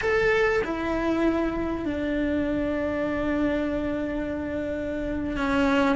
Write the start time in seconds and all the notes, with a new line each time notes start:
0.01 A4
0.64 E4
1.85 D4
5.37 C#4